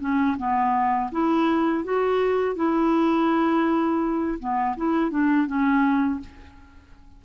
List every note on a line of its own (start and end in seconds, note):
0.00 0.37 C#4
0.38 1.11 B3
1.12 1.84 E4
1.84 2.56 F#4
2.56 4.39 E4
4.39 4.76 B3
4.77 5.11 E4
5.11 5.47 D4
5.47 6.20 C#4